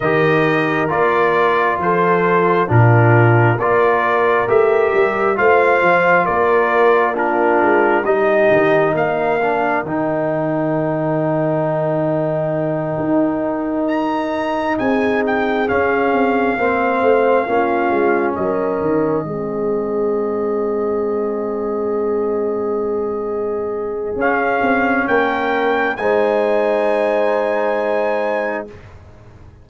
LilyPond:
<<
  \new Staff \with { instrumentName = "trumpet" } { \time 4/4 \tempo 4 = 67 dis''4 d''4 c''4 ais'4 | d''4 e''4 f''4 d''4 | ais'4 dis''4 f''4 g''4~ | g''2.~ g''8 ais''8~ |
ais''8 gis''8 g''8 f''2~ f''8~ | f''8 dis''2.~ dis''8~ | dis''2. f''4 | g''4 gis''2. | }
  \new Staff \with { instrumentName = "horn" } { \time 4/4 ais'2 a'4 f'4 | ais'2 c''4 ais'4 | f'4 g'4 ais'2~ | ais'1~ |
ais'8 gis'2 c''4 f'8~ | f'8 ais'4 gis'2~ gis'8~ | gis'1 | ais'4 c''2. | }
  \new Staff \with { instrumentName = "trombone" } { \time 4/4 g'4 f'2 d'4 | f'4 g'4 f'2 | d'4 dis'4. d'8 dis'4~ | dis'1~ |
dis'4. cis'4 c'4 cis'8~ | cis'4. c'2~ c'8~ | c'2. cis'4~ | cis'4 dis'2. | }
  \new Staff \with { instrumentName = "tuba" } { \time 4/4 dis4 ais4 f4 ais,4 | ais4 a8 g8 a8 f8 ais4~ | ais8 gis8 g8 dis8 ais4 dis4~ | dis2~ dis8 dis'4.~ |
dis'8 c'4 cis'8 c'8 ais8 a8 ais8 | gis8 fis8 dis8 gis2~ gis8~ | gis2. cis'8 c'8 | ais4 gis2. | }
>>